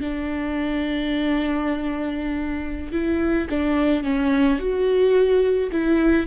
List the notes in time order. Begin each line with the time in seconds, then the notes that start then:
0.00 D4
2.92 E4
3.49 D4
4.03 C#4
4.59 F#4
5.71 E4